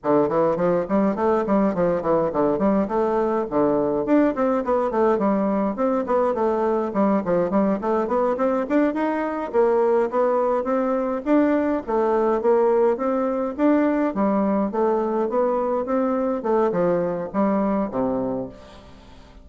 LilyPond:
\new Staff \with { instrumentName = "bassoon" } { \time 4/4 \tempo 4 = 104 d8 e8 f8 g8 a8 g8 f8 e8 | d8 g8 a4 d4 d'8 c'8 | b8 a8 g4 c'8 b8 a4 | g8 f8 g8 a8 b8 c'8 d'8 dis'8~ |
dis'8 ais4 b4 c'4 d'8~ | d'8 a4 ais4 c'4 d'8~ | d'8 g4 a4 b4 c'8~ | c'8 a8 f4 g4 c4 | }